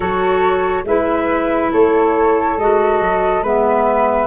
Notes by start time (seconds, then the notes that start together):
0.00 F#3 F#4 A4 C#5
0.84 G#3 E4 B4 E5
1.72 A3 A4 C#5
2.57 G#3 F#4 D#5
3.00 F#3
3.41 G#3 B3 B4 E5